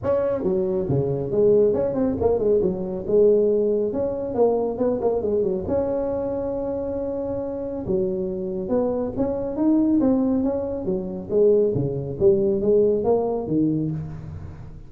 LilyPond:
\new Staff \with { instrumentName = "tuba" } { \time 4/4 \tempo 4 = 138 cis'4 fis4 cis4 gis4 | cis'8 c'8 ais8 gis8 fis4 gis4~ | gis4 cis'4 ais4 b8 ais8 | gis8 fis8 cis'2.~ |
cis'2 fis2 | b4 cis'4 dis'4 c'4 | cis'4 fis4 gis4 cis4 | g4 gis4 ais4 dis4 | }